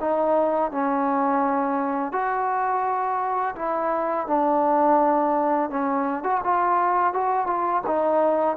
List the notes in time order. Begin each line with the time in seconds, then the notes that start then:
0.00 D#4
0.71 C#4
2.12 F#4
3.55 E4
4.27 D4
5.69 C#4
6.23 F#4
6.44 F4
7.13 F#4
7.46 F4
7.86 D#4